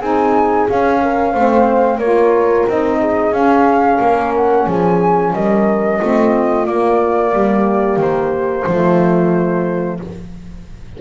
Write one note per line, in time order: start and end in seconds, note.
0.00 0.68 C4
0.00 0.68 D#4
0.00 1.00 G#4
0.00 0.68 G#5
0.68 1.35 C#4
0.68 1.34 C#4
0.68 2.00 F5
1.02 1.33 A#4
1.33 1.99 A3
1.33 2.02 C4
1.33 1.99 C5
1.99 2.65 A#3
1.99 2.69 F4
1.99 2.99 A#4
1.99 2.67 C#5
2.69 3.32 C4
2.69 3.33 D#4
2.69 3.34 D#5
3.01 4.01 G#4
3.32 3.99 C#4
3.32 6.00 C#4
3.32 4.34 F5
4.01 4.67 A#3
4.01 4.67 A#4
4.36 4.69 F#5
4.67 5.34 F3
4.67 5.33 G#4
4.67 5.34 G#5
5.34 6.00 G3
5.34 6.02 A#4
5.34 6.66 D#5
6.02 6.67 A3
6.02 6.67 C4
6.02 7.35 F4
6.66 8.67 A#3
6.66 7.34 A#3
6.66 7.99 D5
7.34 7.97 G3
7.34 8.67 G4
7.97 8.64 D#3
7.97 10.02 C5
8.67 10.00 F3
8.67 10.01 A3
8.67 10.00 F4